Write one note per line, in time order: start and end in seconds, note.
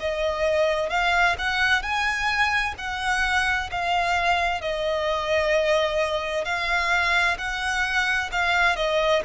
0.00 0.90 D#5
0.90 1.36 F5
1.38 1.83 F#5
1.83 2.75 G#5
2.78 3.70 F#5
3.71 4.62 F5
4.62 6.45 D#5
6.45 7.38 F5
7.38 8.30 F#5
8.32 8.77 F5
8.77 9.23 D#5